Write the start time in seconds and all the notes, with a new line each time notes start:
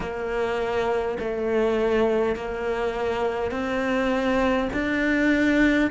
0.00 A#3
1.19 A3
2.35 A#3
3.51 C4
4.73 D4